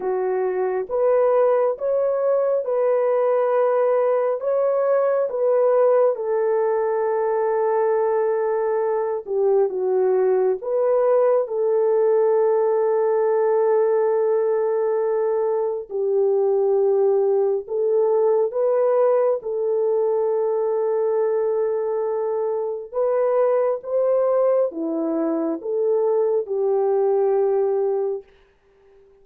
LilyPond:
\new Staff \with { instrumentName = "horn" } { \time 4/4 \tempo 4 = 68 fis'4 b'4 cis''4 b'4~ | b'4 cis''4 b'4 a'4~ | a'2~ a'8 g'8 fis'4 | b'4 a'2.~ |
a'2 g'2 | a'4 b'4 a'2~ | a'2 b'4 c''4 | e'4 a'4 g'2 | }